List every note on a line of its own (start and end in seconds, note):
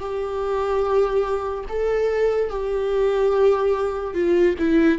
0.00 1.64 G4
1.69 2.50 A4
2.50 4.14 G4
4.14 4.55 F4
4.59 4.99 E4